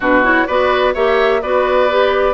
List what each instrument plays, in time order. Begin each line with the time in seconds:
0.00 bassoon B2, clarinet D4, oboe F#4, flute B4
0.23 clarinet E4, flute C#5
0.46 bassoon B3, clarinet F#4, oboe B4, flute D5
0.94 bassoon A#3, clarinet G4, oboe C#5, flute E5
1.41 bassoon B3, clarinet F#4, oboe B4, flute D5
1.90 clarinet G4